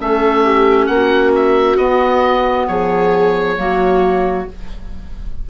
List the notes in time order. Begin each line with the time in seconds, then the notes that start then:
0.00 A3 C#4 A4 E5
0.44 G4
0.87 A#3 F#5
0.94 F#4
1.36 E5
1.77 B3 D#5
2.68 F3 G#4 C#5
3.57 F#3 A#3 F#4